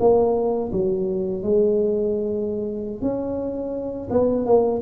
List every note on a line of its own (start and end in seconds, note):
0.00 0.71 A#3
0.72 1.43 F#3
1.43 3.01 G#3
3.01 4.08 C#4
4.10 4.46 B3
4.46 4.81 A#3